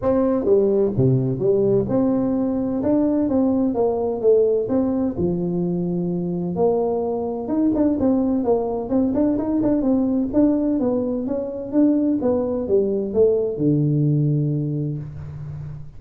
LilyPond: \new Staff \with { instrumentName = "tuba" } { \time 4/4 \tempo 4 = 128 c'4 g4 c4 g4 | c'2 d'4 c'4 | ais4 a4 c'4 f4~ | f2 ais2 |
dis'8 d'8 c'4 ais4 c'8 d'8 | dis'8 d'8 c'4 d'4 b4 | cis'4 d'4 b4 g4 | a4 d2. | }